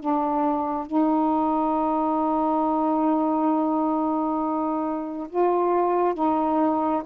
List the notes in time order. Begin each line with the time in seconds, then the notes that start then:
0.00 D4
0.87 D#4
5.30 F4
6.15 D#4